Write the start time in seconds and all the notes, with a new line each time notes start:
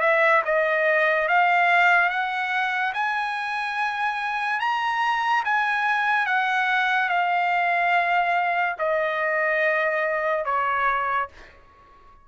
0.00 E5
0.45 D#5
1.28 F5
2.09 F#5
2.93 G#5
4.59 A#5
5.44 G#5
6.26 F#5
7.09 F5
8.78 D#5
10.44 C#5